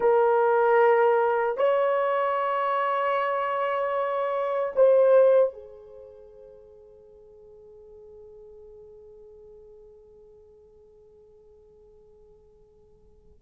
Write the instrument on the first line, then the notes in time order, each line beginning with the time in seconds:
horn
0.00 A#4
1.57 C#5
4.75 C5
5.53 G#4